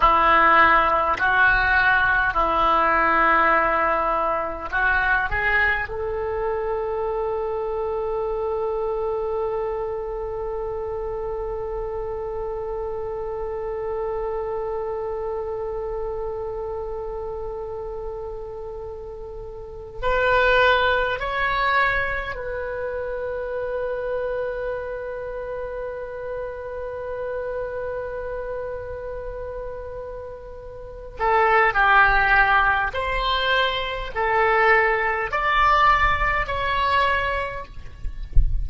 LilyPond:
\new Staff \with { instrumentName = "oboe" } { \time 4/4 \tempo 4 = 51 e'4 fis'4 e'2 | fis'8 gis'8 a'2.~ | a'1~ | a'1~ |
a'4 b'4 cis''4 b'4~ | b'1~ | b'2~ b'8 a'8 g'4 | c''4 a'4 d''4 cis''4 | }